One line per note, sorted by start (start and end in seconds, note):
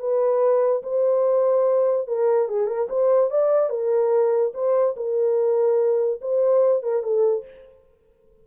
0.00 0.83 B4
0.83 2.07 C5
2.07 2.49 A#4
2.49 2.67 G#4
2.67 2.88 A#4
2.89 3.31 C5
3.31 3.70 D5
3.70 4.53 A#4
4.54 4.96 C5
4.97 6.21 A#4
6.21 6.83 C5
6.83 7.03 A#4
7.03 7.44 A4